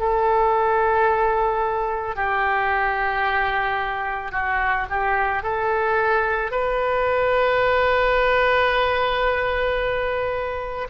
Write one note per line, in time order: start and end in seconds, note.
0.00 2.16 A4
2.16 4.32 G4
4.32 4.86 F#4
4.90 5.43 G4
5.43 6.52 A4
6.52 10.88 B4